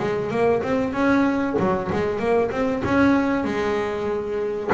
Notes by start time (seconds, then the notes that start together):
0.00 G#3
0.31 A#3
0.63 C4
0.94 C#4
1.60 F#3
1.93 G#3
2.19 A#3
2.51 C4
2.85 C#4
3.45 G#3